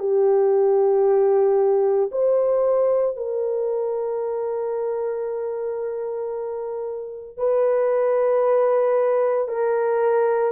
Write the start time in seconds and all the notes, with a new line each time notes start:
0.00 G4
2.12 C5
3.17 A#4
7.38 B4
9.48 A#4